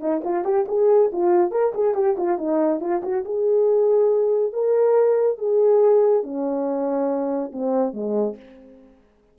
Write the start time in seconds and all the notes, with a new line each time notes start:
0.00 D#4
0.24 F4
0.44 G4
0.68 G#4
1.12 F4
1.51 A#4
1.74 G#4
1.94 G4
2.17 F4
2.38 D#4
2.80 F4
3.03 F#4
3.25 G#4
4.53 A#4
5.38 G#4
6.23 C#4
7.52 C4
7.93 G#3